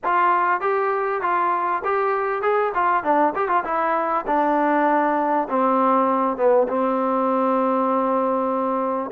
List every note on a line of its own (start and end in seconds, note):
0.04 0.61 F4
0.61 1.21 G4
1.21 1.82 F4
1.84 2.42 G4
2.42 2.72 G#4
2.74 3.03 F4
3.03 3.33 D4
3.35 3.48 G4
3.48 3.63 F4
3.64 4.25 E4
4.26 5.48 D4
5.48 6.36 C4
6.36 6.67 B3
6.68 9.10 C4